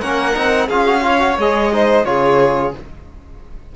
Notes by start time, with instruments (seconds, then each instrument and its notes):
0.00 cello A#3, trombone C#4, violin A#4 F#5
0.34 cello C4, trombone D#4
0.67 cello C#4, trombone F4, violin G#4 F5
0.85 trombone F#4
1.02 trombone F4, violin C#5
1.19 trombone F#4
1.37 cello G#3, trombone G#4, violin D#5
1.72 trombone D#4, violin C5
2.04 cello C#3, trombone F4, violin G#4 C#5